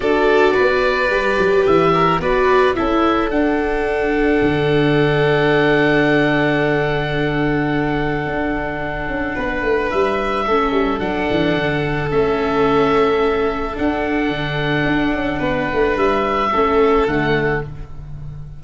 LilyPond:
<<
  \new Staff \with { instrumentName = "oboe" } { \time 4/4 \tempo 4 = 109 d''2. e''4 | d''4 e''4 fis''2~ | fis''1~ | fis''1~ |
fis''2 e''2 | fis''2 e''2~ | e''4 fis''2.~ | fis''4 e''2 fis''4 | }
  \new Staff \with { instrumentName = "violin" } { \time 4/4 a'4 b'2~ b'8 ais'8 | b'4 a'2.~ | a'1~ | a'1~ |
a'4 b'2 a'4~ | a'1~ | a'1 | b'2 a'2 | }
  \new Staff \with { instrumentName = "viola" } { \time 4/4 fis'2 g'2 | fis'4 e'4 d'2~ | d'1~ | d'1~ |
d'2. cis'4 | d'2 cis'2~ | cis'4 d'2.~ | d'2 cis'4 a4 | }
  \new Staff \with { instrumentName = "tuba" } { \time 4/4 d'4 b4 g8 fis8 e4 | b4 cis'4 d'2 | d1~ | d2. d'4~ |
d'8 cis'8 b8 a8 g4 a8 g8 | fis8 e8 d4 a2~ | a4 d'4 d4 d'8 cis'8 | b8 a8 g4 a4 d4 | }
>>